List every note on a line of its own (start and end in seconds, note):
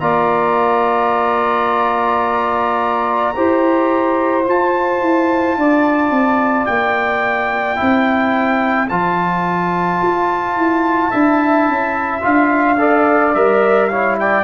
0.00 3.34 A#3
0.00 3.34 F4
0.00 3.35 D5
0.00 4.44 A#5
3.35 4.47 E4
3.35 4.44 G4
3.35 5.58 C5
4.44 7.76 F4
4.44 5.01 F4
4.44 6.66 A5
5.01 5.57 E4
5.57 6.10 D4
5.57 7.78 D5
6.10 6.66 C4
6.66 7.79 A#3
6.66 8.88 G5
7.76 8.90 C4
7.76 8.87 E4
7.76 11.09 C5
8.89 10.01 F3
8.89 11.13 F4
8.89 12.22 A5
10.02 10.56 F4
10.56 11.12 E4
11.09 11.69 D4
11.09 12.22 E4
11.09 12.76 E5
11.69 12.24 C#4
12.22 13.35 D4
12.22 12.77 F4
12.22 13.34 F5
12.78 13.33 A4
12.78 13.89 D5
13.34 14.44 G3
13.34 13.91 A#4
13.34 13.88 E5
13.88 14.44 E4
13.88 14.17 C#5
13.88 14.16 F5
14.19 14.44 D5
14.19 14.44 G5